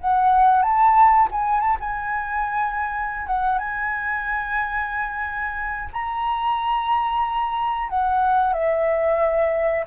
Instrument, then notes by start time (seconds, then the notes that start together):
flute
0.00 F#5
0.62 A5
1.31 G#5
1.60 A5
1.80 G#5
3.27 F#5
3.59 G#5
5.93 A#5
7.89 F#5
8.53 E5